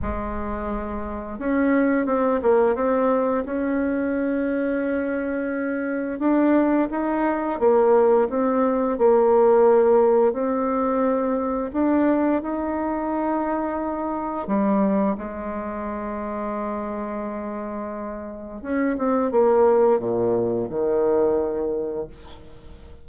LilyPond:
\new Staff \with { instrumentName = "bassoon" } { \time 4/4 \tempo 4 = 87 gis2 cis'4 c'8 ais8 | c'4 cis'2.~ | cis'4 d'4 dis'4 ais4 | c'4 ais2 c'4~ |
c'4 d'4 dis'2~ | dis'4 g4 gis2~ | gis2. cis'8 c'8 | ais4 ais,4 dis2 | }